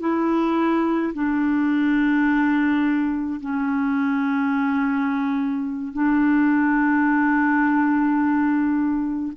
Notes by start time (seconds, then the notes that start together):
0.00 E4
1.14 D4
3.41 C#4
5.93 D4